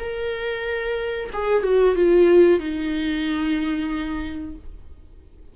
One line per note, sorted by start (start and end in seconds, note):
0.00 1.30 A#4
1.33 1.64 G#4
1.64 1.96 F#4
1.96 2.60 F4
2.60 4.55 D#4